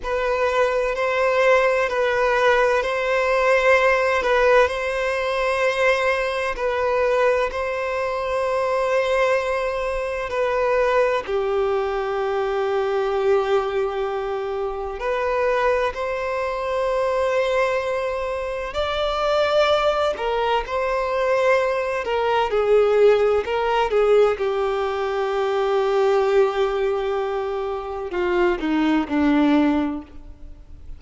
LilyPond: \new Staff \with { instrumentName = "violin" } { \time 4/4 \tempo 4 = 64 b'4 c''4 b'4 c''4~ | c''8 b'8 c''2 b'4 | c''2. b'4 | g'1 |
b'4 c''2. | d''4. ais'8 c''4. ais'8 | gis'4 ais'8 gis'8 g'2~ | g'2 f'8 dis'8 d'4 | }